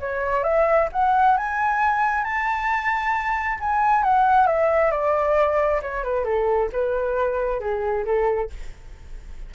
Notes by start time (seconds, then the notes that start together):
0.00 C#5
0.44 E5
0.92 F#5
1.37 G#5
2.24 A5
3.60 G#5
4.03 F#5
4.47 E5
4.91 D5
5.82 C#5
6.04 B4
6.24 A4
6.73 B4
7.60 G#4
8.05 A4